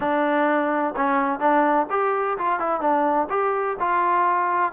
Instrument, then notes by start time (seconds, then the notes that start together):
trombone
0.00 D4
0.96 C#4
1.39 D4
1.90 G4
2.38 F4
2.59 E4
2.80 D4
3.29 G4
3.79 F4